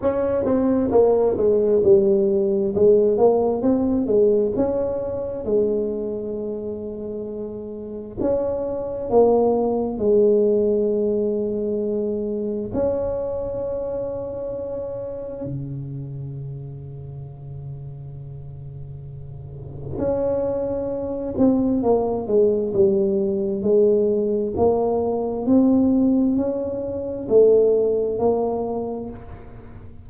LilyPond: \new Staff \with { instrumentName = "tuba" } { \time 4/4 \tempo 4 = 66 cis'8 c'8 ais8 gis8 g4 gis8 ais8 | c'8 gis8 cis'4 gis2~ | gis4 cis'4 ais4 gis4~ | gis2 cis'2~ |
cis'4 cis2.~ | cis2 cis'4. c'8 | ais8 gis8 g4 gis4 ais4 | c'4 cis'4 a4 ais4 | }